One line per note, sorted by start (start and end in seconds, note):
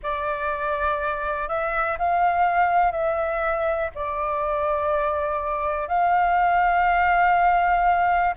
0.03 1.48 D5
1.48 1.97 E5
1.98 2.92 F5
2.92 3.90 E5
3.94 5.87 D5
5.87 8.33 F5